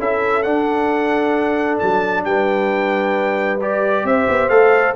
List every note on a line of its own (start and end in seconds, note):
0.00 0.45 C#4
0.00 0.45 E4
0.00 2.26 A4
0.00 0.43 E5
0.43 3.60 D4
0.43 1.81 D4
0.43 1.78 F#5
1.79 2.25 F#3
1.79 2.24 A5
2.25 4.05 G3
2.25 4.07 B4
2.25 3.60 G5
3.62 4.50 G4
3.62 4.07 D5
4.05 4.27 C4
4.05 4.96 C5
4.05 4.49 E5
4.29 4.50 B3
4.49 4.95 A3
4.49 4.95 A4
4.49 4.95 F5